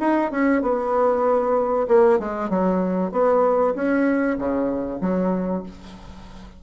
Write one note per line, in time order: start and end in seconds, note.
0.00 0.31 D#4
0.31 0.62 C#4
0.62 1.87 B3
1.88 2.19 A#3
2.19 2.50 G#3
2.50 3.12 F#3
3.12 3.74 B3
3.75 4.38 C#4
4.38 5.01 C#3
5.01 5.63 F#3